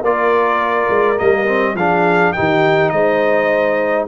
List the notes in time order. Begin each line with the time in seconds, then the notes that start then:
0.00 A#3 F4 A#4 D5
0.89 G#3
1.17 G3 A#3 D#5
1.46 C4
1.74 F3 D4 G#4 F5
2.32 D#4 G4 G5
2.39 D#3
2.89 G#3 C5 D#5